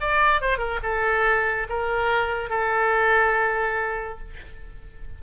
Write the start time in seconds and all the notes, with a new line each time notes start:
0.00 D5
0.41 C5
0.58 A#4
0.82 A4
1.69 A#4
2.49 A4